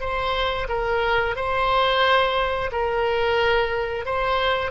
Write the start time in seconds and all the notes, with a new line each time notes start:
0.00 C5
0.69 A#4
1.36 C5
2.72 A#4
4.05 C5